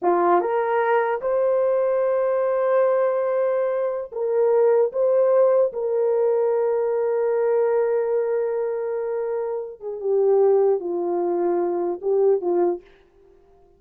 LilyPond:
\new Staff \with { instrumentName = "horn" } { \time 4/4 \tempo 4 = 150 f'4 ais'2 c''4~ | c''1~ | c''2~ c''16 ais'4.~ ais'16~ | ais'16 c''2 ais'4.~ ais'16~ |
ais'1~ | ais'1~ | ais'8 gis'8 g'2 f'4~ | f'2 g'4 f'4 | }